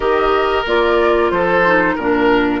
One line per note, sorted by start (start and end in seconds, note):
0.00 0.63 D#3
0.00 0.65 G4
0.00 1.31 A#4
0.00 0.65 D#5
0.66 1.31 A#3
0.66 1.66 F4
0.66 1.30 D5
1.30 1.97 F3
1.30 1.95 A4
1.30 1.95 C5
1.66 1.98 D#4
1.95 2.60 A#2
1.95 2.60 D4
1.95 2.60 A#4